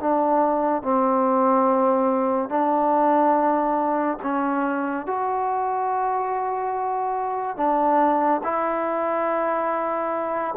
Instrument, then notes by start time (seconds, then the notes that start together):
trombone
0.00 D4
0.83 C4
2.49 D4
4.23 C#4
5.07 F#4
7.57 D4
8.44 E4